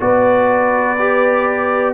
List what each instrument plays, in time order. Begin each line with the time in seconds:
0.00 tuba B3, trombone F#4, horn B4, trumpet D5
0.99 trombone G4